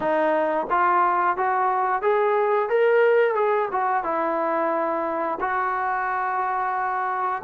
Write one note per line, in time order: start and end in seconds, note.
0.00 0.66 D#4
0.70 1.36 F4
1.36 2.02 F#4
2.02 2.69 G#4
2.69 3.35 A#4
3.35 3.68 G#4
3.71 4.03 F#4
4.03 5.38 E4
5.40 7.42 F#4